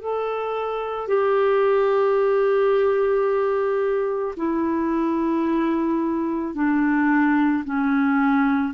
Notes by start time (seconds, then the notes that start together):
0.00 A4
1.07 G4
4.36 E4
6.54 D4
7.64 C#4